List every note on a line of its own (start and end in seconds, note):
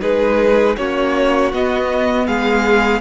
0.00 0.77 G#3
0.00 0.75 D#4
0.00 0.76 G#4
0.00 0.76 B4
0.77 1.52 A#3
0.77 1.53 C#4
0.77 2.26 F#4
0.77 1.52 C#5
1.52 2.27 B3
1.52 3.00 B3
1.52 2.27 D#5
2.26 3.00 G#3
2.26 3.00 G#4
2.26 3.00 F5